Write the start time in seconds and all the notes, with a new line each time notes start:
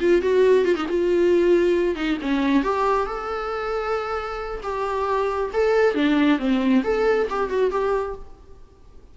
0.00 F4
0.22 F#4
0.65 F4
0.76 D#4
0.89 F4
1.96 D#4
2.22 C#4
2.63 G4
3.06 A4
4.63 G4
5.53 A4
5.95 D4
6.39 C4
6.84 A4
7.30 G4
7.50 F#4
7.71 G4